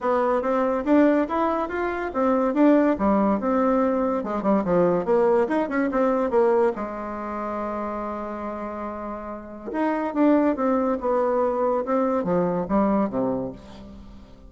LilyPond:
\new Staff \with { instrumentName = "bassoon" } { \time 4/4 \tempo 4 = 142 b4 c'4 d'4 e'4 | f'4 c'4 d'4 g4 | c'2 gis8 g8 f4 | ais4 dis'8 cis'8 c'4 ais4 |
gis1~ | gis2. dis'4 | d'4 c'4 b2 | c'4 f4 g4 c4 | }